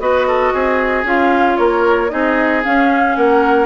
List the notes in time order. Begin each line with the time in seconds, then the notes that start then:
0.00 B3 F#4 B4 D#5
0.28 A4
0.54 C4 G#4
1.05 C#4 F4 F5
1.57 A#3 A#4 C#5
2.10 C4 D#4 G#4 D#5
2.64 C#4 F5
3.17 A#3 A#4 F#5